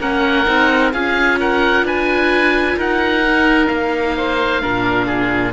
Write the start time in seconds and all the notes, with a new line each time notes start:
0.00 A#3 C#4 A#4 F#5
0.45 C4 D#4
0.92 C#4 F4 G#4 F5
1.40 A#4 F#5
1.83 D4 B4 G#5
2.76 D#4 A#4 F#5
3.25 D#4
3.67 A#3 F5
4.17 C5
4.62 A#2 D4 A#4
5.06 G#4